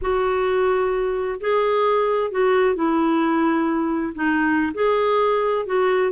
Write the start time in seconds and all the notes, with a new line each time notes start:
0.01 F#4
1.40 G#4
2.31 F#4
2.75 E4
4.14 D#4
4.74 G#4
5.65 F#4